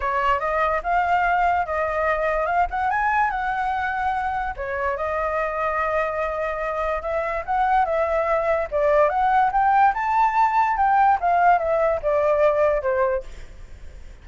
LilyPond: \new Staff \with { instrumentName = "flute" } { \time 4/4 \tempo 4 = 145 cis''4 dis''4 f''2 | dis''2 f''8 fis''8 gis''4 | fis''2. cis''4 | dis''1~ |
dis''4 e''4 fis''4 e''4~ | e''4 d''4 fis''4 g''4 | a''2 g''4 f''4 | e''4 d''2 c''4 | }